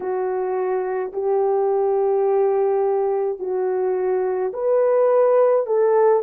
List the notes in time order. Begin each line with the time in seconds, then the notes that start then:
0.00 F#4
1.13 G4
3.39 F#4
4.53 B4
5.66 A4